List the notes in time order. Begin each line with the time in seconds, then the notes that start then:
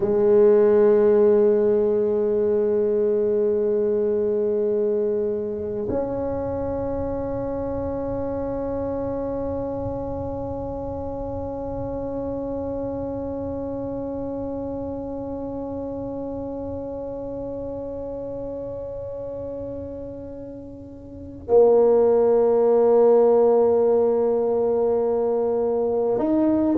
0.00 G#3
5.89 C#4
21.47 A#3
26.18 D#4